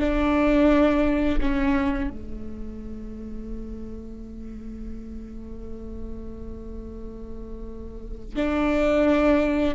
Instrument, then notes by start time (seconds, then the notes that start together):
viola
0.00 D4
1.41 C#4
2.11 A3
8.36 D4